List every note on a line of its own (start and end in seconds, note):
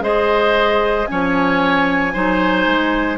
0.00 1.05 G#3
0.00 1.06 G#4
0.00 1.08 C5
0.00 1.06 D#5
1.06 2.14 F3
1.06 2.13 C#4
1.06 2.13 C#5
1.06 3.17 G#5
2.13 2.66 F#3
2.13 3.18 D#4
2.13 3.18 C5
2.66 3.18 G#3